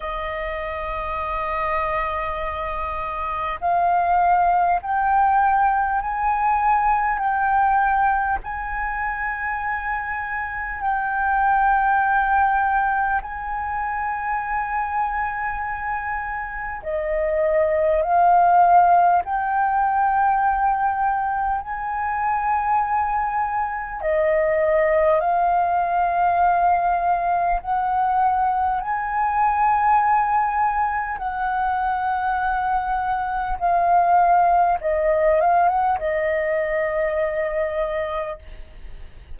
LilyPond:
\new Staff \with { instrumentName = "flute" } { \time 4/4 \tempo 4 = 50 dis''2. f''4 | g''4 gis''4 g''4 gis''4~ | gis''4 g''2 gis''4~ | gis''2 dis''4 f''4 |
g''2 gis''2 | dis''4 f''2 fis''4 | gis''2 fis''2 | f''4 dis''8 f''16 fis''16 dis''2 | }